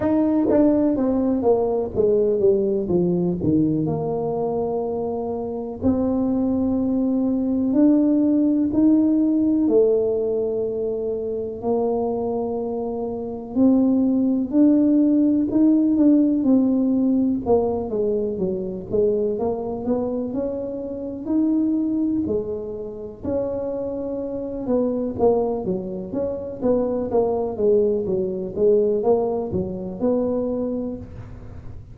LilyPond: \new Staff \with { instrumentName = "tuba" } { \time 4/4 \tempo 4 = 62 dis'8 d'8 c'8 ais8 gis8 g8 f8 dis8 | ais2 c'2 | d'4 dis'4 a2 | ais2 c'4 d'4 |
dis'8 d'8 c'4 ais8 gis8 fis8 gis8 | ais8 b8 cis'4 dis'4 gis4 | cis'4. b8 ais8 fis8 cis'8 b8 | ais8 gis8 fis8 gis8 ais8 fis8 b4 | }